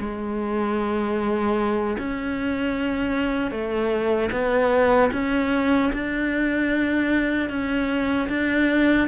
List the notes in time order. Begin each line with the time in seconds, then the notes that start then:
0.00 G#3
1.99 C#4
3.51 A3
4.32 B3
5.13 C#4
5.94 D4
7.50 C#4
8.29 D4